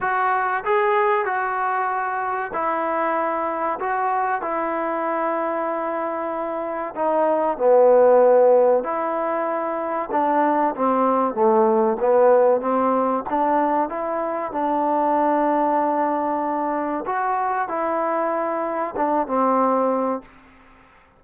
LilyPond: \new Staff \with { instrumentName = "trombone" } { \time 4/4 \tempo 4 = 95 fis'4 gis'4 fis'2 | e'2 fis'4 e'4~ | e'2. dis'4 | b2 e'2 |
d'4 c'4 a4 b4 | c'4 d'4 e'4 d'4~ | d'2. fis'4 | e'2 d'8 c'4. | }